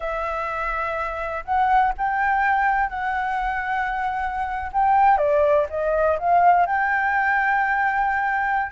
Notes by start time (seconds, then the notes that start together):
0.00 E5
1.45 F#5
1.97 G5
2.89 F#5
4.72 G5
5.17 D5
5.69 D#5
6.18 F5
6.65 G5